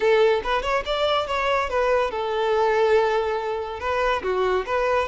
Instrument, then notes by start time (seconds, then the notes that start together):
violin
0.00 A4
0.43 B4
0.62 C#5
0.85 D5
1.27 C#5
1.69 B4
2.10 A4
3.80 B4
4.23 F#4
4.66 B4